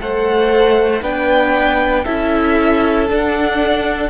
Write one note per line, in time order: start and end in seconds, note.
0.00 1.02 A3
0.00 1.03 A4
0.00 1.03 C5
0.00 1.03 F#5
1.02 2.06 B3
1.02 2.06 D4
1.02 2.05 B4
1.02 2.05 G5
2.05 3.11 C#4
2.05 3.09 E4
2.05 4.10 A4
2.05 3.09 E5
3.09 4.10 D4
3.09 4.10 F#5